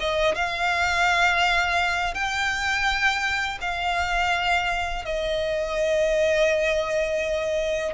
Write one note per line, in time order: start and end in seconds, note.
0.00 0.35 D#5
0.35 2.14 F5
2.14 3.59 G5
3.61 5.05 F5
5.05 7.94 D#5